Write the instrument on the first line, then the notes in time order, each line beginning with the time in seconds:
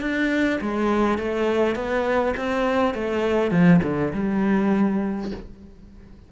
cello
0.00 D4
0.60 G#3
1.18 A3
1.75 B3
2.36 C4
2.94 A3
3.51 F3
3.83 D3
4.13 G3